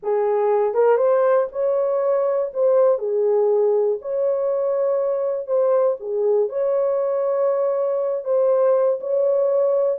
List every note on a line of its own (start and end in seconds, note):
0.02 0.74 G#4
0.74 0.97 A#4
0.97 1.47 C5
1.52 2.52 C#5
2.53 2.98 C5
2.98 3.98 G#4
4.01 5.47 C#5
5.47 5.97 C5
6.00 6.49 G#4
6.49 8.24 C#5
8.24 8.99 C5
9.00 9.99 C#5